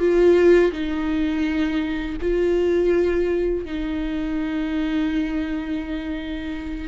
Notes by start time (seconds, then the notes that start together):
0.00 F4
0.73 D#4
2.21 F4
3.66 D#4